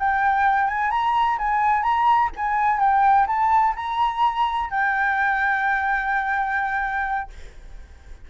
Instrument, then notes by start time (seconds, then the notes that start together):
flute
0.00 G5
0.68 G#5
0.91 A#5
1.39 G#5
1.83 A#5
2.36 G#5
2.80 G5
3.28 A5
3.76 A#5
4.71 G5